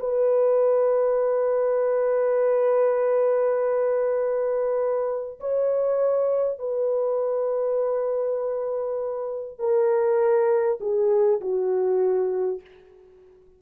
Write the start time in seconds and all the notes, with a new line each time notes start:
0.00 B4
5.40 C#5
6.59 B4
9.59 A#4
10.81 G#4
11.41 F#4